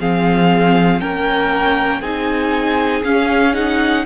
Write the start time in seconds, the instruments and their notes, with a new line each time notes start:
0.00 cello F3, viola C4, violin G#4 F5
1.01 cello A#3, viola C#4, violin A#4 G5
2.01 cello C4, viola D#4, violin G#4 G#5
3.04 cello C#4, viola C#4, violin F5
3.54 viola D#4, violin F#5